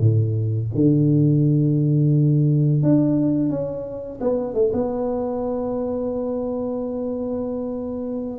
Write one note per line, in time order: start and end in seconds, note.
0.00 0.70 A2
0.75 2.83 D3
2.83 3.50 D4
3.50 4.20 C#4
4.21 4.54 B3
4.54 4.72 A3
4.73 8.39 B3